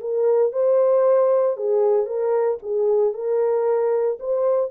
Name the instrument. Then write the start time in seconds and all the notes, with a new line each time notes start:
horn
0.00 A#4
0.52 C5
1.57 G#4
2.06 A#4
2.62 G#4
3.13 A#4
4.19 C5